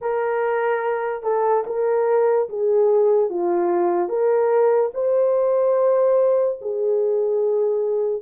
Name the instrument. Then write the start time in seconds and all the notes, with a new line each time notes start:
horn
0.01 A#4
1.23 A4
1.66 A#4
2.49 G#4
3.29 F4
4.08 A#4
4.94 C5
6.61 G#4